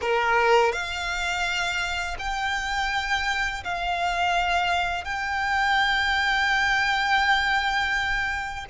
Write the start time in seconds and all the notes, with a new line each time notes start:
0.01 A#4
0.72 F5
2.19 G5
3.63 F5
5.04 G5